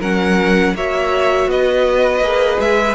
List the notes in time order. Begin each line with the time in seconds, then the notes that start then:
0.00 F#3 C#4 A#4 F#5
0.74 A#3 F#4 C#5 E5
1.47 B3 B4 D#5
2.21 A#3 G#4
2.60 G#3 E5